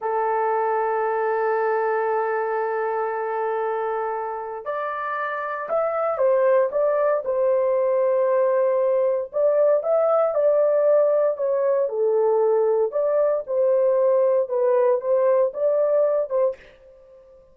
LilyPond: \new Staff \with { instrumentName = "horn" } { \time 4/4 \tempo 4 = 116 a'1~ | a'1~ | a'4 d''2 e''4 | c''4 d''4 c''2~ |
c''2 d''4 e''4 | d''2 cis''4 a'4~ | a'4 d''4 c''2 | b'4 c''4 d''4. c''8 | }